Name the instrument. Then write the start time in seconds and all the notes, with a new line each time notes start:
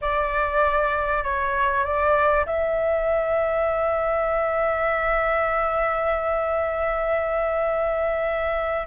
flute
0.01 D5
1.23 C#5
1.84 D5
2.46 E5